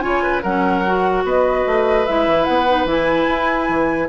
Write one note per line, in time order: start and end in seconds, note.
0.00 0.44 C#3
0.00 0.42 F4
0.00 0.23 C#5
0.00 0.41 G#5
0.23 0.42 B4
0.42 1.24 F#3
0.42 0.86 C#4
0.42 1.23 A#4
0.42 1.24 F#5
0.86 2.07 F#4
1.24 1.65 B3
1.24 4.08 B4
1.24 2.06 D#5
1.66 2.07 A3
2.06 2.27 G#3
2.06 2.68 E4
2.06 2.45 E5
2.27 2.47 E3
2.45 2.85 B3
2.45 2.85 F#5
2.68 2.87 D#4
2.85 3.25 E3
2.85 4.08 E4
2.85 4.08 G#5
3.28 3.69 E4
3.69 4.08 E3